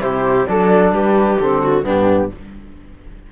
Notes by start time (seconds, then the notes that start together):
0.00 C3 E4 G4 C5
0.47 F#3 D4 A4 D5
0.92 G3 G4 B4
1.39 D3 C4 A4
1.62 F#4
1.83 G2 B3 D4 G4